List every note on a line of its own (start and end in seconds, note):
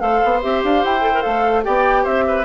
0.00 0.22 A3
0.00 0.41 A4
0.00 1.65 C5
0.00 0.41 F5
0.25 0.44 B3
0.42 0.64 C4
0.42 1.01 G4
0.42 0.63 E5
0.64 0.85 D4
0.64 0.85 F5
0.85 1.26 E4
0.85 1.22 G5
1.01 1.12 A4
1.14 1.22 A#4
1.22 1.67 A3
1.22 1.63 A4
1.22 1.63 F5
1.63 2.06 B3
1.63 2.45 G4
1.63 2.04 D5
1.63 2.06 G5
2.04 2.46 C4
2.04 2.24 C5
2.04 2.46 E5
2.28 2.46 B4